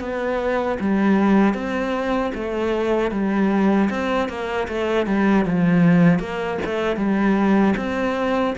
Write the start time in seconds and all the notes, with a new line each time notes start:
0.00 B3
0.80 G3
1.54 C4
2.34 A3
3.11 G3
3.90 C4
4.29 A#3
4.68 A3
5.06 G3
5.45 F3
6.19 A#3
6.65 A3
6.96 G3
7.77 C4